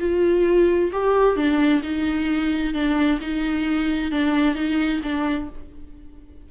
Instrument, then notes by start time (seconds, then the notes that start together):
viola
0.00 F4
0.92 G4
1.37 D4
1.83 D#4
2.74 D4
3.21 D#4
4.12 D4
4.56 D#4
5.03 D4